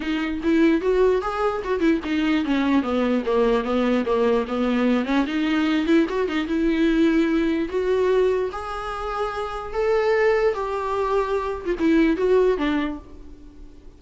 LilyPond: \new Staff \with { instrumentName = "viola" } { \time 4/4 \tempo 4 = 148 dis'4 e'4 fis'4 gis'4 | fis'8 e'8 dis'4 cis'4 b4 | ais4 b4 ais4 b4~ | b8 cis'8 dis'4. e'8 fis'8 dis'8 |
e'2. fis'4~ | fis'4 gis'2. | a'2 g'2~ | g'8. f'16 e'4 fis'4 d'4 | }